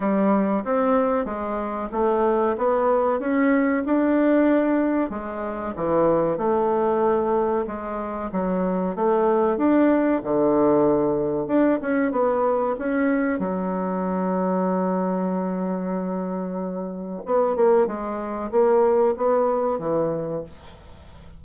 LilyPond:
\new Staff \with { instrumentName = "bassoon" } { \time 4/4 \tempo 4 = 94 g4 c'4 gis4 a4 | b4 cis'4 d'2 | gis4 e4 a2 | gis4 fis4 a4 d'4 |
d2 d'8 cis'8 b4 | cis'4 fis2.~ | fis2. b8 ais8 | gis4 ais4 b4 e4 | }